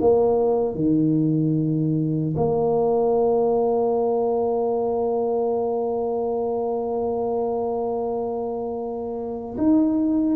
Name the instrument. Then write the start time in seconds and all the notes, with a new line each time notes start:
tuba
0.00 A#3
0.75 D#3
2.36 A#3
9.57 D#4